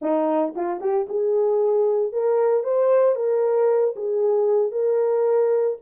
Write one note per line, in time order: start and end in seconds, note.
0.01 0.54 D#4
0.55 0.80 F4
0.80 1.06 G4
1.08 2.12 G#4
2.12 2.63 A#4
2.63 3.15 C5
3.15 3.94 A#4
3.96 4.71 G#4
4.71 5.77 A#4